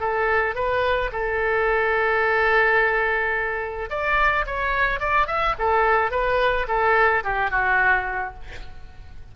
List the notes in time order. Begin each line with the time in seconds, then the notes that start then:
0.00 A4
0.55 B4
1.12 A4
3.90 D5
4.46 C#5
5.00 D5
5.27 E5
5.59 A4
6.11 B4
6.68 A4
7.23 G4
7.51 F#4